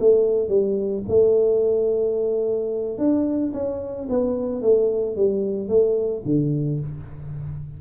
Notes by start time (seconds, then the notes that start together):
0.00 A3
0.49 G3
1.09 A3
2.99 D4
3.54 C#4
4.10 B3
4.62 A3
5.17 G3
5.69 A3
6.26 D3